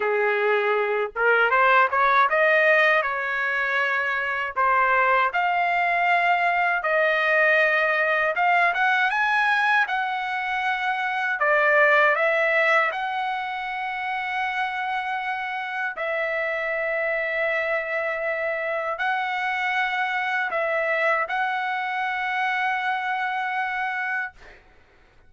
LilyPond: \new Staff \with { instrumentName = "trumpet" } { \time 4/4 \tempo 4 = 79 gis'4. ais'8 c''8 cis''8 dis''4 | cis''2 c''4 f''4~ | f''4 dis''2 f''8 fis''8 | gis''4 fis''2 d''4 |
e''4 fis''2.~ | fis''4 e''2.~ | e''4 fis''2 e''4 | fis''1 | }